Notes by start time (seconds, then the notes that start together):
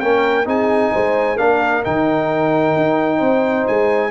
0.00 A#3 C#4 A#4 G5
0.45 C4 D#4 G#4 G#5
0.92 G#3 C5
1.37 A#3 D4 A#4 F5
1.83 D#3 D#4 G5
2.76 D#4
3.17 C4 C5
3.67 G#3 G#5